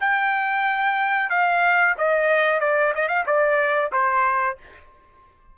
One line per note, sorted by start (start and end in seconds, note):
0.00 1.30 G5
1.30 1.95 F5
1.98 2.60 D#5
2.60 2.93 D5
2.95 3.08 D#5
3.08 3.24 F5
3.26 3.91 D5
3.92 4.57 C5